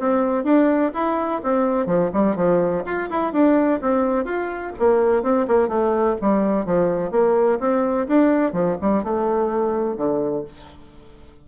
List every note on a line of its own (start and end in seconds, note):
0.00 0.44 C4
0.44 0.92 D4
0.94 1.42 E4
1.44 1.87 C4
1.87 2.11 F3
2.14 2.36 G3
2.36 2.84 F3
2.86 3.10 F4
3.10 3.33 E4
3.33 3.81 D4
3.82 4.25 C4
4.25 4.73 F4
4.79 5.23 A#3
5.23 5.47 C4
5.48 5.69 A#3
5.69 6.16 A3
6.21 6.66 G3
6.66 7.12 F3
7.12 7.59 A#3
7.60 8.07 C4
8.08 8.53 D4
8.53 8.77 F3
8.81 9.04 G3
9.04 9.97 A3
9.97 10.45 D3